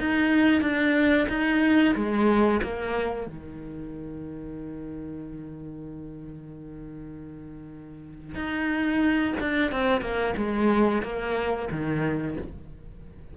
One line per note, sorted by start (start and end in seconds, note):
0.00 0.62 D#4
0.62 1.28 D4
1.29 1.95 D#4
1.95 2.61 G#3
2.63 3.27 A#3
3.27 8.35 D#3
8.35 9.34 D#4
9.40 9.72 D4
9.72 10.02 C4
10.02 10.35 A#3
10.37 11.03 G#3
11.03 11.69 A#3
11.72 12.38 D#3